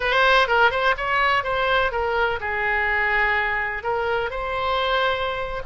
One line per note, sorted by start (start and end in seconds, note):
0.00 0.47 C5
0.47 0.70 A#4
0.70 0.94 C5
0.97 1.43 C#5
1.43 1.91 C5
1.91 2.39 A#4
2.40 3.83 G#4
3.83 4.30 A#4
4.30 5.62 C5